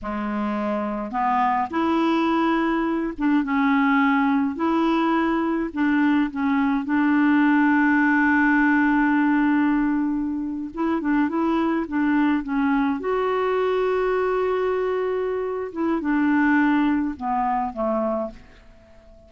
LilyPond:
\new Staff \with { instrumentName = "clarinet" } { \time 4/4 \tempo 4 = 105 gis2 b4 e'4~ | e'4. d'8 cis'2 | e'2 d'4 cis'4 | d'1~ |
d'2~ d'8. e'8 d'8 e'16~ | e'8. d'4 cis'4 fis'4~ fis'16~ | fis'2.~ fis'8 e'8 | d'2 b4 a4 | }